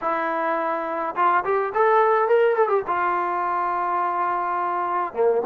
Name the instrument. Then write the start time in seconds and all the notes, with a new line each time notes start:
trombone
0.01 E4
1.15 F4
1.44 G4
1.74 A4
2.28 A#4
2.56 A4
2.68 G4
2.87 F4
5.13 A#3